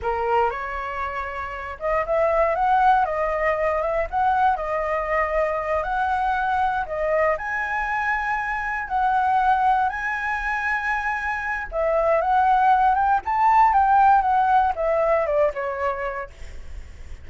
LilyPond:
\new Staff \with { instrumentName = "flute" } { \time 4/4 \tempo 4 = 118 ais'4 cis''2~ cis''8 dis''8 | e''4 fis''4 dis''4. e''8 | fis''4 dis''2~ dis''8 fis''8~ | fis''4. dis''4 gis''4.~ |
gis''4. fis''2 gis''8~ | gis''2. e''4 | fis''4. g''8 a''4 g''4 | fis''4 e''4 d''8 cis''4. | }